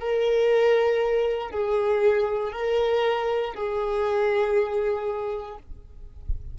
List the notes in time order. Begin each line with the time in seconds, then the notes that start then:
0.00 A#4
1.51 G#4
2.53 A#4
3.55 G#4